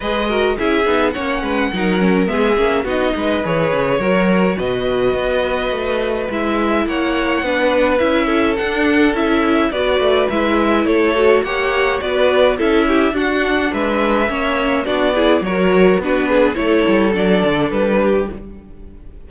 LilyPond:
<<
  \new Staff \with { instrumentName = "violin" } { \time 4/4 \tempo 4 = 105 dis''4 e''4 fis''2 | e''4 dis''4 cis''2 | dis''2. e''4 | fis''2 e''4 fis''4 |
e''4 d''4 e''4 cis''4 | fis''4 d''4 e''4 fis''4 | e''2 d''4 cis''4 | b'4 cis''4 d''4 b'4 | }
  \new Staff \with { instrumentName = "violin" } { \time 4/4 b'8 ais'8 gis'4 cis''8 b'8 ais'4 | gis'4 fis'8 b'4. ais'4 | b'1 | cis''4 b'4. a'4.~ |
a'4 b'2 a'4 | cis''4 b'4 a'8 g'8 fis'4 | b'4 cis''4 fis'8 gis'8 ais'4 | fis'8 gis'8 a'2~ a'8 g'8 | }
  \new Staff \with { instrumentName = "viola" } { \time 4/4 gis'8 fis'8 e'8 dis'8 cis'4 dis'8 cis'8 | b8 cis'8 dis'4 gis'4 fis'4~ | fis'2. e'4~ | e'4 d'4 e'4 d'4 |
e'4 fis'4 e'4. fis'8 | g'4 fis'4 e'4 d'4~ | d'4 cis'4 d'8 e'8 fis'4 | d'4 e'4 d'2 | }
  \new Staff \with { instrumentName = "cello" } { \time 4/4 gis4 cis'8 b8 ais8 gis8 fis4 | gis8 ais8 b8 gis8 e8 cis8 fis4 | b,4 b4 a4 gis4 | ais4 b4 cis'4 d'4 |
cis'4 b8 a8 gis4 a4 | ais4 b4 cis'4 d'4 | gis4 ais4 b4 fis4 | b4 a8 g8 fis8 d8 g4 | }
>>